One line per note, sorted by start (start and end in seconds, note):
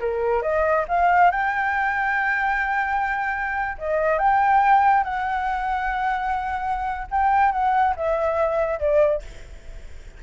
0.00 0.42 A#4
0.42 0.85 D#5
0.88 1.31 F5
1.31 3.77 G5
3.78 4.18 D#5
4.18 5.03 G5
5.03 7.07 F#5
7.10 7.51 G5
7.51 7.94 F#5
7.96 8.79 E5
8.79 9.22 D5